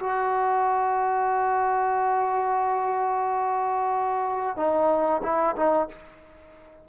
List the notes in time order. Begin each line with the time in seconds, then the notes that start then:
0.00 F#4
4.57 D#4
5.23 E4
5.56 D#4